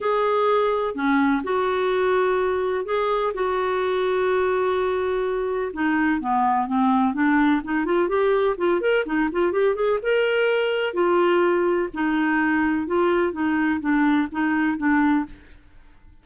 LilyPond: \new Staff \with { instrumentName = "clarinet" } { \time 4/4 \tempo 4 = 126 gis'2 cis'4 fis'4~ | fis'2 gis'4 fis'4~ | fis'1 | dis'4 b4 c'4 d'4 |
dis'8 f'8 g'4 f'8 ais'8 dis'8 f'8 | g'8 gis'8 ais'2 f'4~ | f'4 dis'2 f'4 | dis'4 d'4 dis'4 d'4 | }